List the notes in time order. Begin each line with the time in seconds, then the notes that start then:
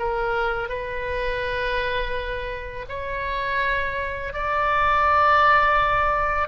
0.00 A#4
0.69 B4
2.89 C#5
4.34 D5